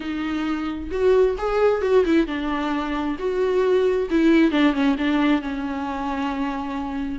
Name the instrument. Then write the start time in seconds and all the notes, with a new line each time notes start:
viola
0.00 D#4
0.91 F#4
1.38 G#4
1.81 F#4
2.05 E4
2.26 D4
3.18 F#4
4.10 E4
4.51 D4
4.73 C#4
4.98 D4
5.41 C#4